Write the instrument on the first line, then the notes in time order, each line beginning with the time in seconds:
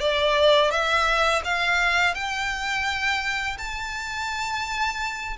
violin
0.00 D5
0.70 E5
1.44 F5
2.15 G5
3.58 A5